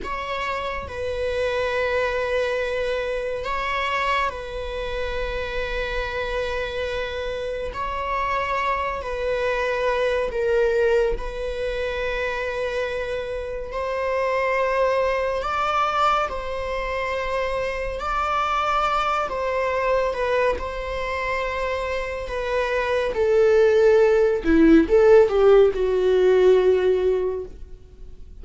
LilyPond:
\new Staff \with { instrumentName = "viola" } { \time 4/4 \tempo 4 = 70 cis''4 b'2. | cis''4 b'2.~ | b'4 cis''4. b'4. | ais'4 b'2. |
c''2 d''4 c''4~ | c''4 d''4. c''4 b'8 | c''2 b'4 a'4~ | a'8 e'8 a'8 g'8 fis'2 | }